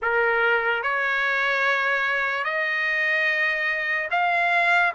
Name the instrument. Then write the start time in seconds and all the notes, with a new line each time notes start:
trumpet
0.01 A#4
0.83 C#5
2.44 D#5
4.10 F5